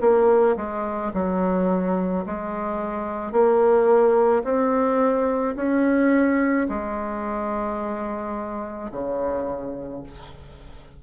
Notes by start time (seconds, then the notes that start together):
0.00 A#3
0.56 G#3
1.13 F#3
2.26 G#3
3.31 A#3
4.43 C4
5.56 C#4
6.68 G#3
8.91 C#3